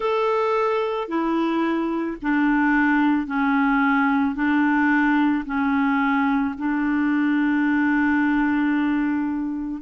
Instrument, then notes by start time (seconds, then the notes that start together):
clarinet
0.00 A4
1.08 E4
2.22 D4
3.26 C#4
4.35 D4
5.45 C#4
6.58 D4